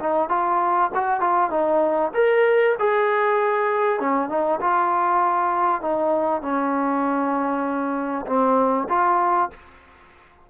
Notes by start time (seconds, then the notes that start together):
0.00 D#4
0.29 F4
0.95 F#4
1.21 F4
1.50 D#4
2.14 A#4
2.79 G#4
4.00 C#4
4.29 D#4
4.61 F4
5.81 D#4
6.42 C#4
8.27 C4
8.89 F4